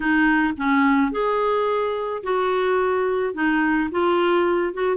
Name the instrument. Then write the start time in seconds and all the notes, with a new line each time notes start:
clarinet
0.00 D#4
0.57 C#4
1.11 G#4
2.23 F#4
3.34 D#4
3.91 F4
4.73 F#4